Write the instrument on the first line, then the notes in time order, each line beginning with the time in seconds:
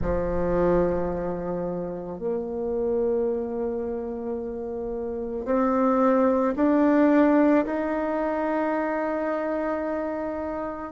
bassoon
0.01 F3
2.18 A#3
5.45 C4
6.56 D4
7.65 D#4